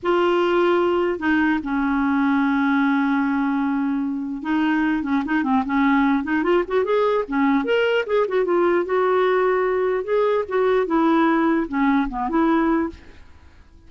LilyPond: \new Staff \with { instrumentName = "clarinet" } { \time 4/4 \tempo 4 = 149 f'2. dis'4 | cis'1~ | cis'2. dis'4~ | dis'8 cis'8 dis'8 c'8 cis'4. dis'8 |
f'8 fis'8 gis'4 cis'4 ais'4 | gis'8 fis'8 f'4 fis'2~ | fis'4 gis'4 fis'4 e'4~ | e'4 cis'4 b8 e'4. | }